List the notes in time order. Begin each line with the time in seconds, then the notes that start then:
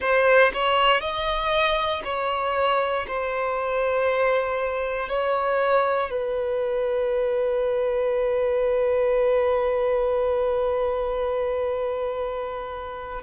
0.00 C5
0.53 C#5
1.00 D#5
2.04 C#5
3.07 C5
5.08 C#5
6.10 B4